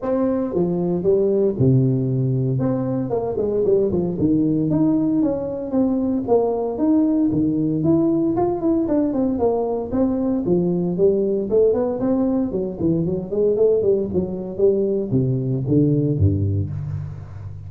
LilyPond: \new Staff \with { instrumentName = "tuba" } { \time 4/4 \tempo 4 = 115 c'4 f4 g4 c4~ | c4 c'4 ais8 gis8 g8 f8 | dis4 dis'4 cis'4 c'4 | ais4 dis'4 dis4 e'4 |
f'8 e'8 d'8 c'8 ais4 c'4 | f4 g4 a8 b8 c'4 | fis8 e8 fis8 gis8 a8 g8 fis4 | g4 c4 d4 g,4 | }